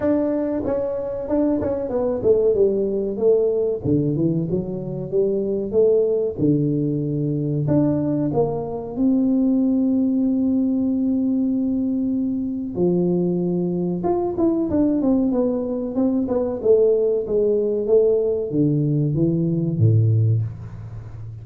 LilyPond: \new Staff \with { instrumentName = "tuba" } { \time 4/4 \tempo 4 = 94 d'4 cis'4 d'8 cis'8 b8 a8 | g4 a4 d8 e8 fis4 | g4 a4 d2 | d'4 ais4 c'2~ |
c'1 | f2 f'8 e'8 d'8 c'8 | b4 c'8 b8 a4 gis4 | a4 d4 e4 a,4 | }